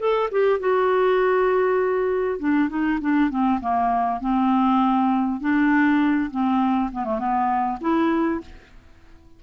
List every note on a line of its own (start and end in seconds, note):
0.00 0.30 A4
0.32 0.60 G4
0.60 2.39 F#4
2.39 2.69 D4
2.69 2.99 D#4
3.01 3.31 D4
3.31 3.61 C4
3.61 4.21 A#3
4.21 5.41 C4
5.41 6.31 D4
6.31 6.91 C4
6.93 7.05 B3
7.05 7.19 A3
7.19 7.79 B3
7.81 8.41 E4